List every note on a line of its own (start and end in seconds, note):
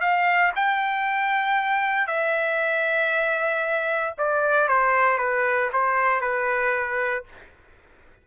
0.00 0.52 F5
0.55 2.07 G5
2.07 4.14 E5
4.18 4.68 D5
4.68 5.18 C5
5.18 5.69 B4
5.72 6.21 C5
6.21 7.24 B4